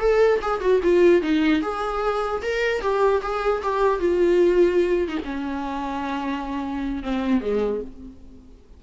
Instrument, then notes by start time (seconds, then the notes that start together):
viola
0.00 A4
0.42 G#4
0.61 F#4
0.83 F4
1.22 D#4
1.62 G#4
2.42 A#4
2.81 G4
3.22 G#4
3.63 G4
3.99 F4
5.08 D#4
5.25 C#4
7.03 C4
7.41 G#3